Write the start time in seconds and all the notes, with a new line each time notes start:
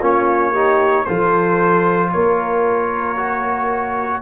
0.00 A#3 C#4 F4 C#5
0.52 D#4 G4
1.05 F3 F4 A4 C5
2.12 A#3 A#4 C#5
3.17 F#4